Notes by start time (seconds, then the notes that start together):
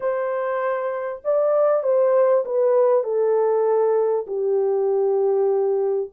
0.00 C5
1.24 D5
1.83 C5
2.45 B4
3.03 A4
4.26 G4